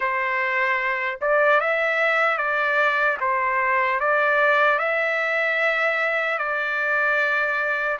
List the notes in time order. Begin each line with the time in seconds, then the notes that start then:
0.00 C5
1.21 D5
1.60 E5
2.37 D5
3.20 C5
4.00 D5
4.79 E5
6.38 D5